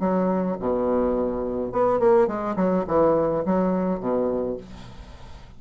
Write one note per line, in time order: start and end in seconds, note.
0.00 0.57 F#3
0.60 1.73 B2
1.73 2.00 B3
2.00 2.28 A#3
2.28 2.56 G#3
2.57 2.85 F#3
2.88 3.45 E3
3.46 4.01 F#3
4.01 4.58 B2